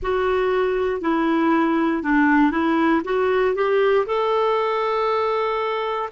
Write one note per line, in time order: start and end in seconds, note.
0.02 1.01 F#4
1.01 2.02 E4
2.02 2.51 D4
2.51 3.02 E4
3.04 3.55 F#4
3.55 4.05 G4
4.06 6.09 A4